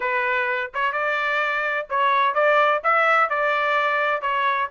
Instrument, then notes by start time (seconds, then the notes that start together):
trumpet
0.00 B4
0.74 C#5
0.92 D5
1.89 C#5
2.34 D5
2.83 E5
3.29 D5
4.21 C#5